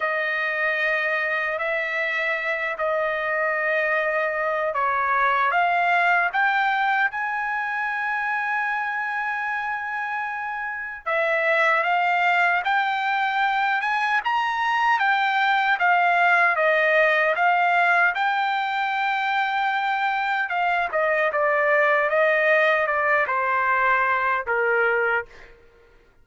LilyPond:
\new Staff \with { instrumentName = "trumpet" } { \time 4/4 \tempo 4 = 76 dis''2 e''4. dis''8~ | dis''2 cis''4 f''4 | g''4 gis''2.~ | gis''2 e''4 f''4 |
g''4. gis''8 ais''4 g''4 | f''4 dis''4 f''4 g''4~ | g''2 f''8 dis''8 d''4 | dis''4 d''8 c''4. ais'4 | }